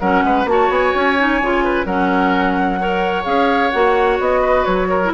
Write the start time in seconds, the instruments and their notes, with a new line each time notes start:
0.00 bassoon F#3, clarinet C#4, oboe A#4, flute F#5
0.24 bassoon G#3, oboe B4
0.46 bassoon A#3, clarinet F#4, flute A5
0.53 oboe C#5
0.70 bassoon B3, flute G#5
0.95 bassoon C#4
1.18 clarinet D#4
1.42 bassoon C#3, clarinet F4
1.65 oboe B4
1.85 bassoon F#3, clarinet C#4, oboe A#4, flute F#5
2.80 clarinet A#4, oboe C#5
3.25 bassoon C#4, clarinet G#4, flute F5
3.71 bassoon A#3, clarinet F#4, flute F#5
4.20 bassoon B3, flute D#5
4.42 oboe B4
4.65 bassoon F#3, flute C#5
4.90 oboe A#4
5.05 clarinet E4